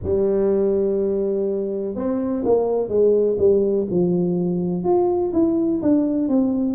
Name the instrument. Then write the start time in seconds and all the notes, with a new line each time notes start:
tuba
0.03 G3
1.95 C4
2.45 A#3
2.88 G#3
3.38 G3
3.90 F3
4.83 F4
5.32 E4
5.82 D4
6.28 C4